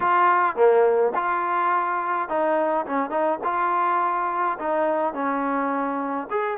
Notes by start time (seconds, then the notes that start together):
0.00 F4
0.55 A#3
1.14 F4
2.28 D#4
2.85 C#4
3.10 D#4
3.43 F4
4.58 D#4
5.13 C#4
6.30 G#4